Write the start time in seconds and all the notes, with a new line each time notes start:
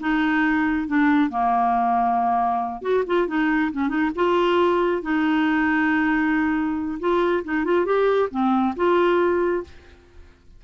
0.00 D#4
0.87 D4
1.30 A#3
2.82 F#4
3.06 F4
3.27 D#4
3.72 C#4
3.88 D#4
4.15 F4
5.02 D#4
6.99 F4
7.44 D#4
7.64 F4
7.85 G4
8.30 C4
8.76 F4